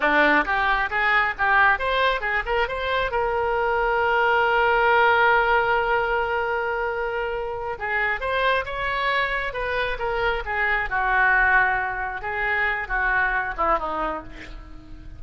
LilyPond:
\new Staff \with { instrumentName = "oboe" } { \time 4/4 \tempo 4 = 135 d'4 g'4 gis'4 g'4 | c''4 gis'8 ais'8 c''4 ais'4~ | ais'1~ | ais'1~ |
ais'4. gis'4 c''4 cis''8~ | cis''4. b'4 ais'4 gis'8~ | gis'8 fis'2. gis'8~ | gis'4 fis'4. e'8 dis'4 | }